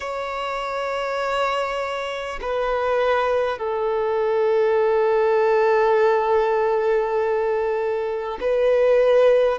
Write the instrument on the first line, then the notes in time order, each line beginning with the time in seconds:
violin
0.00 C#5
2.41 B4
3.58 A4
8.40 B4